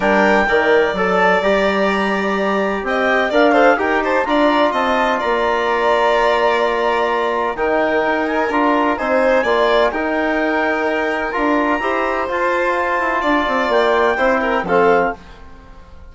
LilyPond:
<<
  \new Staff \with { instrumentName = "clarinet" } { \time 4/4 \tempo 4 = 127 g''2 a''4 ais''4~ | ais''2 g''4 f''4 | g''8 a''8 ais''4 a''4 ais''4~ | ais''1 |
g''4. gis''8 ais''4 gis''4~ | gis''4 g''2. | ais''2 a''2~ | a''4 g''2 f''4 | }
  \new Staff \with { instrumentName = "violin" } { \time 4/4 ais'4 d''2.~ | d''2 dis''4 d''8 c''8 | ais'8 c''8 d''4 dis''4 d''4~ | d''1 |
ais'2. c''4 | d''4 ais'2.~ | ais'4 c''2. | d''2 c''8 ais'8 a'4 | }
  \new Staff \with { instrumentName = "trombone" } { \time 4/4 d'4 ais'4 a'4 g'4~ | g'2. ais'8 a'8 | g'4 f'2.~ | f'1 |
dis'2 f'4 dis'4 | f'4 dis'2. | f'4 g'4 f'2~ | f'2 e'4 c'4 | }
  \new Staff \with { instrumentName = "bassoon" } { \time 4/4 g4 dis4 fis4 g4~ | g2 c'4 d'4 | dis'4 d'4 c'4 ais4~ | ais1 |
dis4 dis'4 d'4 c'4 | ais4 dis'2. | d'4 e'4 f'4. e'8 | d'8 c'8 ais4 c'4 f4 | }
>>